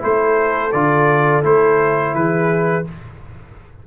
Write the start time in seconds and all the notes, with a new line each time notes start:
0.00 A3 E4 A4 C5
0.72 D3 F4 D5
1.44 A3 E4 C5
2.15 E3 G#4 B4